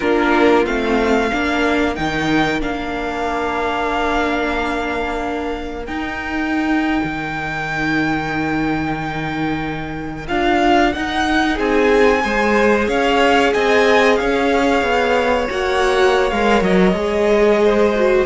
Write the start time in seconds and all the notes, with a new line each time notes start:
0.00 A#3 D4 F4 A#4
0.65 A3 C4 F5
1.30 A#3 D4 A#4
1.95 D#3 D#4 G5
2.60 A#3 D4 F5
5.85 D#4 G5
7.03 D#3
10.28 D4 F4 F5
10.92 D#4 F#5
11.54 C4 G#4 G#5
12.20 G#3 G#4 C5
12.88 C#4 C#5 F5
13.53 C4 D#5 G#5
14.15 C#4 C#5 F5
14.82 B3
15.50 A#3 F#4 F#5
16.30 G#3 A#4 F5
16.61 F#3 D#5
16.92 G#3 G#4
17.63 C5
17.95 F#4